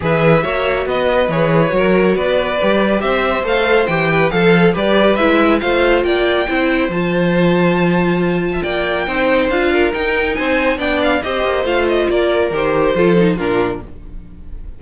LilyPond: <<
  \new Staff \with { instrumentName = "violin" } { \time 4/4 \tempo 4 = 139 e''2 dis''4 cis''4~ | cis''4 d''2 e''4 | f''4 g''4 f''4 d''4 | e''4 f''4 g''2 |
a''1 | g''2 f''4 g''4 | gis''4 g''8 f''8 dis''4 f''8 dis''8 | d''4 c''2 ais'4 | }
  \new Staff \with { instrumentName = "violin" } { \time 4/4 b'4 cis''4 b'2 | ais'4 b'2 c''4~ | c''4. b'8 a'4 b'4~ | b'4 c''4 d''4 c''4~ |
c''2.~ c''8. e''16 | d''4 c''4. ais'4. | c''4 d''4 c''2 | ais'2 a'4 f'4 | }
  \new Staff \with { instrumentName = "viola" } { \time 4/4 gis'4 fis'2 gis'4 | fis'2 g'2 | a'4 g'4 a'4 g'4 | e'4 f'2 e'4 |
f'1~ | f'4 dis'4 f'4 dis'4~ | dis'4 d'4 g'4 f'4~ | f'4 g'4 f'8 dis'8 d'4 | }
  \new Staff \with { instrumentName = "cello" } { \time 4/4 e4 ais4 b4 e4 | fis4 b4 g4 c'4 | a4 e4 f4 g4 | gis4 a4 ais4 c'4 |
f1 | ais4 c'4 d'4 dis'4 | c'4 b4 c'8 ais8 a4 | ais4 dis4 f4 ais,4 | }
>>